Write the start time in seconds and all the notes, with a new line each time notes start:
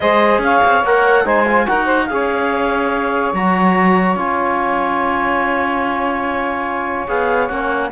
0.00 G#3 G#4 C5 D#5
0.38 C#4 F5
0.44 C#5
0.64 C4
0.83 A#3 A#4 F#5
1.24 G#3 D#4 C5 G#5
1.47 F4
1.66 D#4 F#4 A#4 F#5
1.85 C5
2.06 C#4 G#4 C#5 F5
3.33 F#3 F#4 A#5
4.15 C#4 F4 G#5
7.08 B3 G#4 F5
7.47 A#3 C#4 F#5